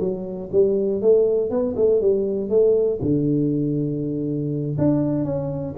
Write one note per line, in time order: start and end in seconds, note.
0.00 0.50 F#3
0.52 1.02 G3
1.02 1.50 A3
1.50 1.75 B3
1.76 2.01 A3
2.01 2.49 G3
2.49 2.99 A3
3.02 4.77 D3
4.78 5.25 D4
5.25 5.75 C#4